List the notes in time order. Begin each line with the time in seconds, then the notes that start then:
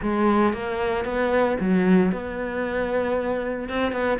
0.02 G#3
0.53 A#3
1.04 B3
1.60 F#3
2.11 B3
3.68 C4
3.92 B3